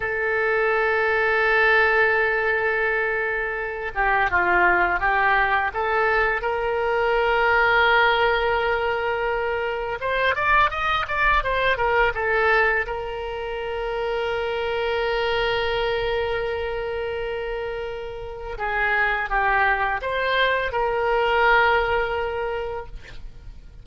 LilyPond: \new Staff \with { instrumentName = "oboe" } { \time 4/4 \tempo 4 = 84 a'1~ | a'4. g'8 f'4 g'4 | a'4 ais'2.~ | ais'2 c''8 d''8 dis''8 d''8 |
c''8 ais'8 a'4 ais'2~ | ais'1~ | ais'2 gis'4 g'4 | c''4 ais'2. | }